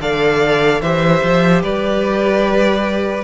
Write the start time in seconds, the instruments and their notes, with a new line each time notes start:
0.00 cello D3, viola A4, violin D5 F5
0.81 cello E3, viola G4, violin C5 E5
1.23 cello F3
1.62 cello G3, violin B4 D5